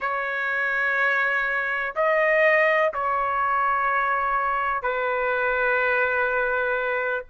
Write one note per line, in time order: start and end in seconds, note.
0.00 1.94 C#5
1.95 2.92 D#5
2.93 4.82 C#5
4.82 7.24 B4